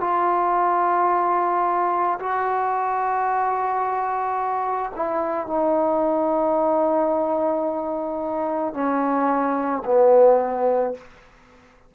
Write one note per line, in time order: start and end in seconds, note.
0.00 2.18 F4
2.19 4.91 F#4
4.95 5.46 E4
5.46 8.73 D#4
8.73 9.82 C#4
9.84 10.93 B3